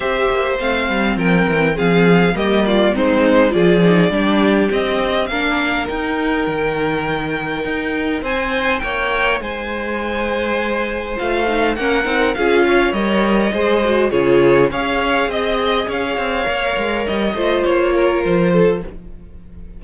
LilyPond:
<<
  \new Staff \with { instrumentName = "violin" } { \time 4/4 \tempo 4 = 102 e''4 f''4 g''4 f''4 | dis''8 d''8 c''4 d''2 | dis''4 f''4 g''2~ | g''2 gis''4 g''4 |
gis''2. f''4 | fis''4 f''4 dis''2 | cis''4 f''4 dis''4 f''4~ | f''4 dis''4 cis''4 c''4 | }
  \new Staff \with { instrumentName = "violin" } { \time 4/4 c''2 ais'4 gis'4 | g'8 f'8 dis'4 gis'4 g'4~ | g'4 ais'2.~ | ais'2 c''4 cis''4 |
c''1 | ais'4 gis'8 cis''4. c''4 | gis'4 cis''4 dis''4 cis''4~ | cis''4. c''4 ais'4 a'8 | }
  \new Staff \with { instrumentName = "viola" } { \time 4/4 g'4 c'2. | ais4 c'4 f'8 dis'8 d'4 | c'4 d'4 dis'2~ | dis'1~ |
dis'2. f'8 dis'8 | cis'8 dis'8 f'4 ais'4 gis'8 fis'8 | f'4 gis'2. | ais'4. f'2~ f'8 | }
  \new Staff \with { instrumentName = "cello" } { \time 4/4 c'8 ais8 a8 g8 f8 e8 f4 | g4 gis4 f4 g4 | c'4 ais4 dis'4 dis4~ | dis4 dis'4 c'4 ais4 |
gis2. a4 | ais8 c'8 cis'4 g4 gis4 | cis4 cis'4 c'4 cis'8 c'8 | ais8 gis8 g8 a8 ais4 f4 | }
>>